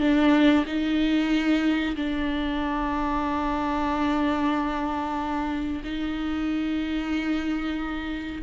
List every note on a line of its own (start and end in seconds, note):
0.00 0.65 D4
0.66 1.95 D#4
1.95 5.82 D4
5.84 8.42 D#4